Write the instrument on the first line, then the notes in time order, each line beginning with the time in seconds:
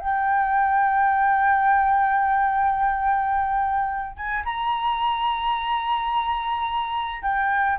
flute
0.00 G5
4.17 G#5
4.45 A#5
7.23 G5